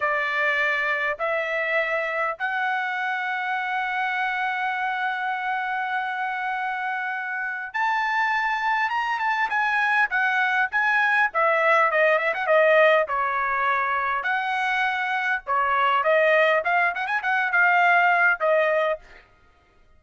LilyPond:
\new Staff \with { instrumentName = "trumpet" } { \time 4/4 \tempo 4 = 101 d''2 e''2 | fis''1~ | fis''1~ | fis''4 a''2 ais''8 a''8 |
gis''4 fis''4 gis''4 e''4 | dis''8 e''16 fis''16 dis''4 cis''2 | fis''2 cis''4 dis''4 | f''8 fis''16 gis''16 fis''8 f''4. dis''4 | }